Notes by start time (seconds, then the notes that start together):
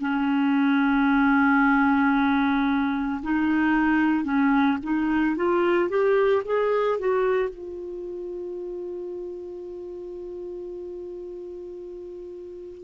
0.00 C#4
3.23 D#4
4.24 C#4
4.83 D#4
5.36 F4
5.89 G4
6.45 G#4
6.99 F#4
7.49 F4